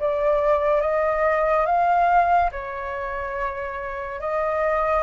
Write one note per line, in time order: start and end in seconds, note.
0.00 0.82 D5
0.82 1.66 D#5
1.66 2.51 F5
2.52 4.21 C#5
4.21 5.04 D#5